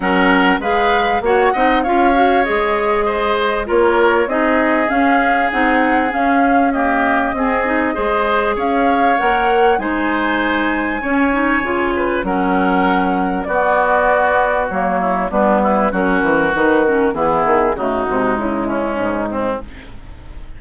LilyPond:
<<
  \new Staff \with { instrumentName = "flute" } { \time 4/4 \tempo 4 = 98 fis''4 f''4 fis''4 f''4 | dis''2 cis''4 dis''4 | f''4 fis''4 f''4 dis''4~ | dis''2 f''4 fis''4 |
gis''1 | fis''2 d''2 | cis''4 b'4 ais'4 b'8 ais'8 | gis'4 fis'4 e'4 dis'4 | }
  \new Staff \with { instrumentName = "oboe" } { \time 4/4 ais'4 b'4 cis''8 dis''8 cis''4~ | cis''4 c''4 ais'4 gis'4~ | gis'2. g'4 | gis'4 c''4 cis''2 |
c''2 cis''4. b'8 | ais'2 fis'2~ | fis'8 e'8 d'8 e'8 fis'2 | e'4 dis'4. cis'4 c'8 | }
  \new Staff \with { instrumentName = "clarinet" } { \time 4/4 cis'4 gis'4 fis'8 dis'8 f'8 fis'8 | gis'2 f'4 dis'4 | cis'4 dis'4 cis'4 ais4 | c'8 dis'8 gis'2 ais'4 |
dis'2 cis'8 dis'8 f'4 | cis'2 b2 | ais4 b4 cis'4 dis'8 cis'8 | b4 a8 gis2~ gis8 | }
  \new Staff \with { instrumentName = "bassoon" } { \time 4/4 fis4 gis4 ais8 c'8 cis'4 | gis2 ais4 c'4 | cis'4 c'4 cis'2 | c'4 gis4 cis'4 ais4 |
gis2 cis'4 cis4 | fis2 b2 | fis4 g4 fis8 e8 dis4 | e8 dis8 cis8 c8 cis4 gis,4 | }
>>